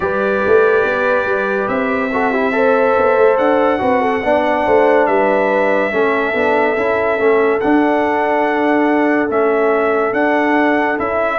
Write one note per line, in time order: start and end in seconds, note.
0.00 0.42 G3
0.00 2.10 G4
0.00 2.12 B4
0.00 1.68 D5
0.46 0.84 A3
0.84 1.25 B3
1.25 1.67 G3
1.68 2.95 C4
1.68 3.37 E5
2.12 2.33 F#4
2.12 2.30 A4
2.30 2.52 E4
2.30 2.52 G4
2.52 3.78 A4
2.52 3.81 C5
2.97 3.17 B3
3.17 3.38 A3
3.37 3.80 D4
3.37 5.06 F#5
3.78 4.23 C4
3.78 4.20 F#4
3.78 4.01 B4
4.01 4.22 A4
4.23 4.65 B3
4.23 5.91 D4
4.23 4.66 D5
4.66 5.07 A3
4.66 5.08 C5
5.06 5.91 G3
5.06 5.92 B4
5.06 7.60 E5
5.91 6.33 A3
5.91 6.33 C#4
5.91 11.39 A4
6.33 6.76 B3
6.33 6.76 D4
6.76 7.18 C#4
6.76 7.18 E4
7.18 7.60 A3
7.18 7.60 C#4
7.60 9.29 D4
7.60 9.29 F#5
9.29 10.12 A3
9.29 10.13 C#4
9.29 10.13 E5
10.12 10.97 D4
10.12 10.98 F#5
10.97 11.39 C#4
10.97 11.39 E4
10.97 11.39 E5